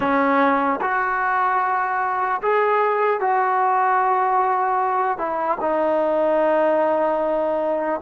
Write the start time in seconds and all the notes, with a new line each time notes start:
0.00 C#4
0.81 F#4
2.41 G#4
3.20 F#4
5.17 E4
5.60 D#4